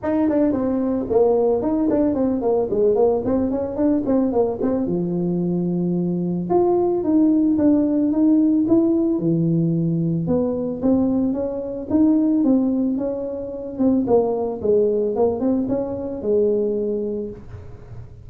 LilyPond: \new Staff \with { instrumentName = "tuba" } { \time 4/4 \tempo 4 = 111 dis'8 d'8 c'4 ais4 dis'8 d'8 | c'8 ais8 gis8 ais8 c'8 cis'8 d'8 c'8 | ais8 c'8 f2. | f'4 dis'4 d'4 dis'4 |
e'4 e2 b4 | c'4 cis'4 dis'4 c'4 | cis'4. c'8 ais4 gis4 | ais8 c'8 cis'4 gis2 | }